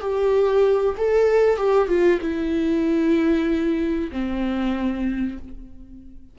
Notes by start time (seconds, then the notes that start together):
0.00 G4
0.97 A4
1.56 G4
1.88 F4
2.21 E4
4.11 C4